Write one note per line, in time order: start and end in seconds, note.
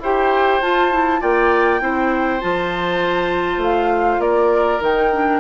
0.00 0.60 E4
0.00 0.62 G4
0.00 1.21 C5
0.00 0.62 G5
0.62 0.91 F4
0.62 1.22 F4
0.62 1.22 A5
0.91 1.21 E4
1.21 1.81 A#3
1.21 1.81 F4
1.21 1.81 D5
1.21 2.41 G5
1.81 2.42 C4
1.81 2.41 E4
1.81 4.22 C5
2.41 3.58 F3
2.41 4.81 F4
2.41 3.61 A5
3.58 4.18 A3
3.58 4.21 F5
4.19 4.79 A#3
4.19 5.41 A#4
4.19 4.81 D5
4.81 5.41 D#3
4.81 5.11 D#4
4.81 5.41 G5
5.12 5.41 D4